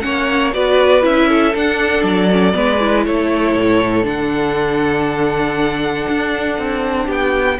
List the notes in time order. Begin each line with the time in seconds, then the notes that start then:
0.00 A#3 C#4 C#5 F#5
0.53 B3 F#4 B4 D5
1.01 C#4 E4 E5
1.28 A4
1.54 D4 F#5
2.02 F#3 D5
2.31 C#4
2.53 G#3 B3 B4
2.80 E4
3.05 A3 A4 C#5
3.55 A2
4.02 D3 D4 F#5
6.08 D4
6.58 C4
7.05 B3 G4
7.11 G5